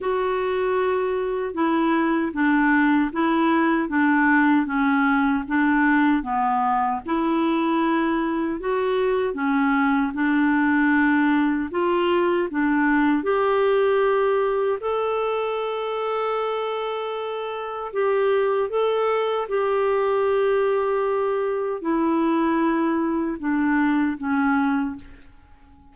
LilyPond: \new Staff \with { instrumentName = "clarinet" } { \time 4/4 \tempo 4 = 77 fis'2 e'4 d'4 | e'4 d'4 cis'4 d'4 | b4 e'2 fis'4 | cis'4 d'2 f'4 |
d'4 g'2 a'4~ | a'2. g'4 | a'4 g'2. | e'2 d'4 cis'4 | }